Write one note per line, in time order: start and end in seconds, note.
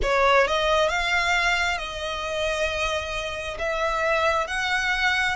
0.02 0.47 C#5
0.47 0.88 D#5
0.88 1.78 F5
1.78 3.57 D#5
3.59 4.47 E5
4.47 5.36 F#5